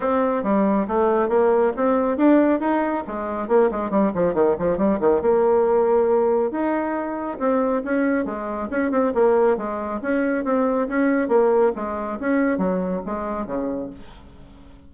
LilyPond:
\new Staff \with { instrumentName = "bassoon" } { \time 4/4 \tempo 4 = 138 c'4 g4 a4 ais4 | c'4 d'4 dis'4 gis4 | ais8 gis8 g8 f8 dis8 f8 g8 dis8 | ais2. dis'4~ |
dis'4 c'4 cis'4 gis4 | cis'8 c'8 ais4 gis4 cis'4 | c'4 cis'4 ais4 gis4 | cis'4 fis4 gis4 cis4 | }